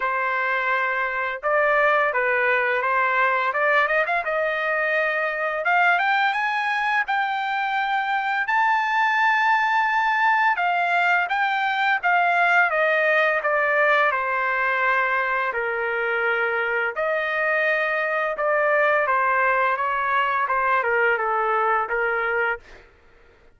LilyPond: \new Staff \with { instrumentName = "trumpet" } { \time 4/4 \tempo 4 = 85 c''2 d''4 b'4 | c''4 d''8 dis''16 f''16 dis''2 | f''8 g''8 gis''4 g''2 | a''2. f''4 |
g''4 f''4 dis''4 d''4 | c''2 ais'2 | dis''2 d''4 c''4 | cis''4 c''8 ais'8 a'4 ais'4 | }